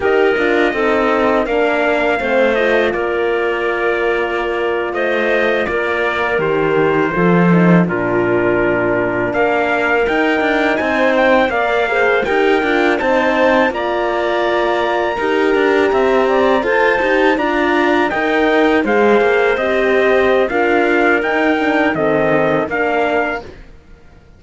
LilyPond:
<<
  \new Staff \with { instrumentName = "trumpet" } { \time 4/4 \tempo 4 = 82 dis''2 f''4. dis''8 | d''2~ d''8. dis''4 d''16~ | d''8. c''2 ais'4~ ais'16~ | ais'8. f''4 g''4 gis''8 g''8 f''16~ |
f''8. g''4 a''4 ais''4~ ais''16~ | ais''2~ ais''8. a''4 ais''16~ | ais''8. g''4 f''4 dis''4~ dis''16 | f''4 g''4 dis''4 f''4 | }
  \new Staff \with { instrumentName = "clarinet" } { \time 4/4 ais'4 a'4 ais'4 c''4 | ais'2~ ais'8. c''4 ais'16~ | ais'4.~ ais'16 a'4 f'4~ f'16~ | f'8. ais'2 c''4 d''16~ |
d''16 c''8 ais'4 c''4 d''4~ d''16~ | d''8. ais'4 e''8 d''8 c''4 d''16~ | d''8. dis''4 c''2~ c''16 | ais'2 a'4 ais'4 | }
  \new Staff \with { instrumentName = "horn" } { \time 4/4 g'8 f'8 dis'4 d'4 c'8 f'8~ | f'1~ | f'8. g'4 f'8 dis'8 d'4~ d'16~ | d'4.~ d'16 dis'2 ais'16~ |
ais'16 gis'8 g'8 f'8 dis'4 f'4~ f'16~ | f'8. g'2 a'8 g'8 f'16~ | f'8. ais'4 gis'4 g'4~ g'16 | f'4 dis'8 d'8 c'4 d'4 | }
  \new Staff \with { instrumentName = "cello" } { \time 4/4 dis'8 d'8 c'4 ais4 a4 | ais2~ ais8. a4 ais16~ | ais8. dis4 f4 ais,4~ ais,16~ | ais,8. ais4 dis'8 d'8 c'4 ais16~ |
ais8. dis'8 d'8 c'4 ais4~ ais16~ | ais8. dis'8 d'8 c'4 f'8 dis'8 d'16~ | d'8. dis'4 gis8 ais8 c'4~ c'16 | d'4 dis'4 dis4 ais4 | }
>>